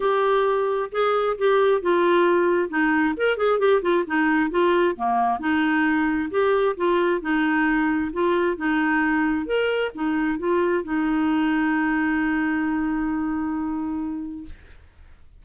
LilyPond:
\new Staff \with { instrumentName = "clarinet" } { \time 4/4 \tempo 4 = 133 g'2 gis'4 g'4 | f'2 dis'4 ais'8 gis'8 | g'8 f'8 dis'4 f'4 ais4 | dis'2 g'4 f'4 |
dis'2 f'4 dis'4~ | dis'4 ais'4 dis'4 f'4 | dis'1~ | dis'1 | }